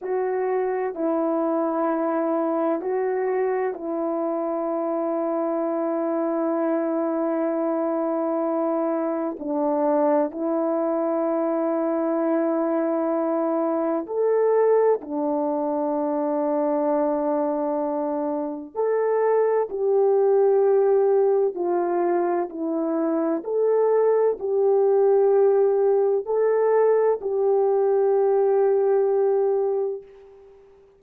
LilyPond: \new Staff \with { instrumentName = "horn" } { \time 4/4 \tempo 4 = 64 fis'4 e'2 fis'4 | e'1~ | e'2 d'4 e'4~ | e'2. a'4 |
d'1 | a'4 g'2 f'4 | e'4 a'4 g'2 | a'4 g'2. | }